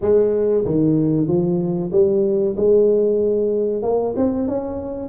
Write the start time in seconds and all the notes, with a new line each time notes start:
0.01 G#3
0.65 D#3
1.27 F3
1.91 G3
2.56 G#3
3.82 A#3
4.16 C4
4.47 C#4